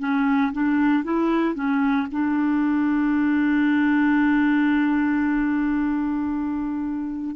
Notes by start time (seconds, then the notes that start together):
0.00 C#4
0.53 D4
1.04 E4
1.55 C#4
2.12 D4